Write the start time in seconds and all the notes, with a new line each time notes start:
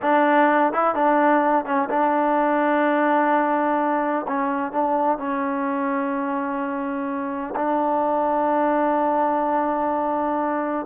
0.02 D4
0.72 E4
0.94 D4
1.65 C#4
1.89 D4
4.27 C#4
4.72 D4
5.18 C#4
7.55 D4